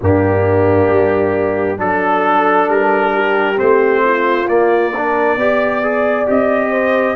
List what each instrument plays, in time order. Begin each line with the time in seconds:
0.01 tuba G2, trombone A#3, horn D4, trumpet G4
0.89 tuba G3
1.77 tuba F#3, trombone D4, horn A4, trumpet A4
2.67 tuba G3, trumpet A#4
3.14 horn G4
3.56 tuba A3, trombone C4, trumpet C5
4.04 horn F4
4.47 trombone A#3, tuba A#3, trumpet D5
4.93 trombone D4, horn A#4
5.36 tuba B3, trombone G4, horn D5
5.83 trombone G#4
6.26 tuba C4, trombone G4, trumpet D#5
6.71 horn C5